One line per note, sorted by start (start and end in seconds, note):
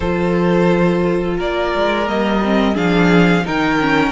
0.00 1.38 F3
0.00 2.06 F4
0.00 1.37 A4
0.00 1.36 C5
1.37 1.73 A#3
1.37 2.74 A#4
1.37 2.07 D5
1.75 2.09 G#3
2.06 2.75 G3
2.06 2.40 A#3
2.06 2.76 D#5
2.44 2.74 C4
2.74 3.44 F3
2.74 3.43 D4
2.74 3.43 G#4
2.74 3.46 F5
3.44 4.12 D#3
3.44 3.79 D#4
3.44 4.12 A#4
3.44 4.12 G5
3.80 4.12 C#4